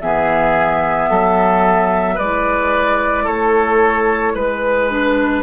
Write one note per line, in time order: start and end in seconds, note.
0.00 1.09 E3
0.00 2.18 B3
0.00 1.09 G#4
0.00 2.18 E5
1.09 2.18 F#3
1.09 2.14 A4
2.14 3.26 G#3
2.14 4.90 E4
2.14 3.23 B4
2.14 3.27 D5
3.23 4.34 A3
3.23 4.32 A4
3.23 4.36 C#5
4.34 5.42 G#3
4.34 5.42 B4
4.90 5.42 D4